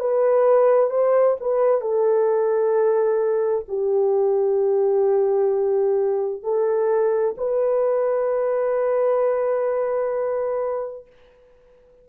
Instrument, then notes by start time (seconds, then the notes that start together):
horn
0.00 B4
0.91 C5
1.41 B4
1.81 A4
3.69 G4
6.44 A4
7.38 B4